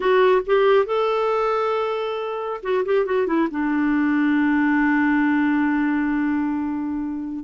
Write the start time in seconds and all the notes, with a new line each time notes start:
0.00 F#4
0.46 G4
0.85 A4
2.63 F#4
2.85 G4
3.05 F#4
3.26 E4
3.51 D4